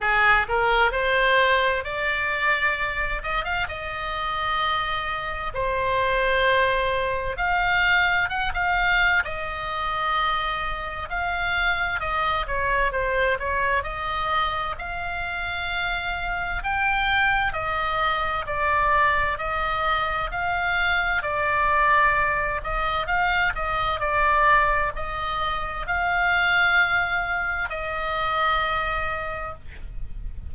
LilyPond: \new Staff \with { instrumentName = "oboe" } { \time 4/4 \tempo 4 = 65 gis'8 ais'8 c''4 d''4. dis''16 f''16 | dis''2 c''2 | f''4 fis''16 f''8. dis''2 | f''4 dis''8 cis''8 c''8 cis''8 dis''4 |
f''2 g''4 dis''4 | d''4 dis''4 f''4 d''4~ | d''8 dis''8 f''8 dis''8 d''4 dis''4 | f''2 dis''2 | }